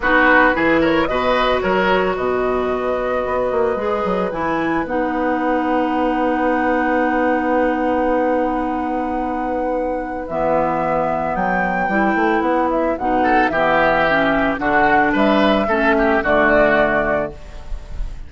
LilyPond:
<<
  \new Staff \with { instrumentName = "flute" } { \time 4/4 \tempo 4 = 111 b'4. cis''8 dis''4 cis''4 | dis''1 | gis''4 fis''2.~ | fis''1~ |
fis''2. e''4~ | e''4 g''2 fis''8 e''8 | fis''4 e''2 fis''4 | e''2 d''2 | }
  \new Staff \with { instrumentName = "oboe" } { \time 4/4 fis'4 gis'8 ais'8 b'4 ais'4 | b'1~ | b'1~ | b'1~ |
b'1~ | b'1~ | b'8 a'8 g'2 fis'4 | b'4 a'8 g'8 fis'2 | }
  \new Staff \with { instrumentName = "clarinet" } { \time 4/4 dis'4 e'4 fis'2~ | fis'2. gis'4 | e'4 dis'2.~ | dis'1~ |
dis'2. b4~ | b2 e'2 | dis'4 b4 cis'4 d'4~ | d'4 cis'4 a2 | }
  \new Staff \with { instrumentName = "bassoon" } { \time 4/4 b4 e4 b,4 fis4 | b,2 b8 ais8 gis8 fis8 | e4 b2.~ | b1~ |
b2. e4~ | e4 fis4 g8 a8 b4 | b,4 e2 d4 | g4 a4 d2 | }
>>